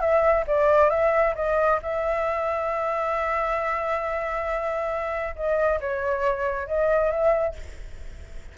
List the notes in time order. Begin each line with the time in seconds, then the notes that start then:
0.00 E5
0.47 D5
0.90 E5
1.35 D#5
1.82 E5
5.35 D#5
5.80 C#5
6.67 D#5
7.11 E5